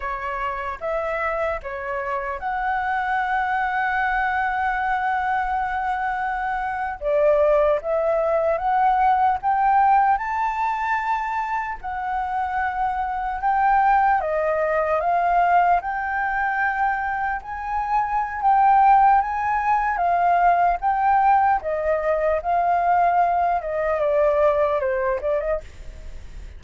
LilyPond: \new Staff \with { instrumentName = "flute" } { \time 4/4 \tempo 4 = 75 cis''4 e''4 cis''4 fis''4~ | fis''1~ | fis''8. d''4 e''4 fis''4 g''16~ | g''8. a''2 fis''4~ fis''16~ |
fis''8. g''4 dis''4 f''4 g''16~ | g''4.~ g''16 gis''4~ gis''16 g''4 | gis''4 f''4 g''4 dis''4 | f''4. dis''8 d''4 c''8 d''16 dis''16 | }